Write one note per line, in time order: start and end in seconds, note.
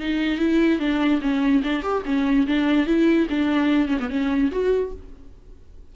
0.00 0.38 D#4
0.38 0.79 E4
0.79 1.20 D4
1.21 1.62 C#4
1.63 1.82 D4
1.82 2.03 G4
2.05 2.46 C#4
2.47 2.86 D4
2.86 3.27 E4
3.30 3.88 D4
3.88 3.98 C#4
4.00 4.10 B3
4.10 4.51 C#4
4.51 4.92 F#4